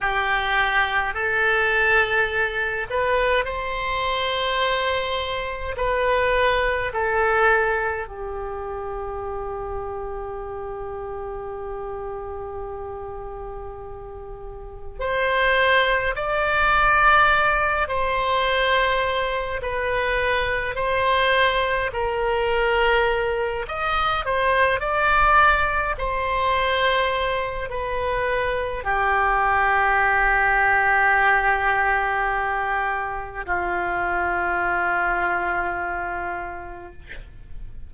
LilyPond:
\new Staff \with { instrumentName = "oboe" } { \time 4/4 \tempo 4 = 52 g'4 a'4. b'8 c''4~ | c''4 b'4 a'4 g'4~ | g'1~ | g'4 c''4 d''4. c''8~ |
c''4 b'4 c''4 ais'4~ | ais'8 dis''8 c''8 d''4 c''4. | b'4 g'2.~ | g'4 f'2. | }